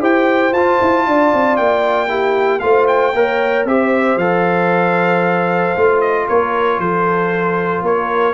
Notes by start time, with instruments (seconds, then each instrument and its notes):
0.00 tuba E4, trombone G4, horn C5, trumpet G5
0.53 tuba F4, trombone F4, trumpet A5
0.82 tuba E4
1.07 tuba D4, horn D5
1.34 tuba C4
1.57 tuba A#3, trumpet G5
2.08 trombone E4, horn G4
2.60 tuba A3, trombone F4, horn C5, trumpet F5
2.88 trumpet G5
3.14 tuba A#3, trombone A#4, horn C#5
3.65 tuba C4, trombone G4, horn C5, trumpet E5
4.17 tuba F3, trombone A4, trumpet F5
5.77 tuba A3, trombone F4
6.01 trumpet D#5
6.28 tuba A#3, horn A#4, trumpet C#5
6.79 tuba F3, horn A4, trumpet C5
7.82 tuba A#3, horn A#4, trumpet C#5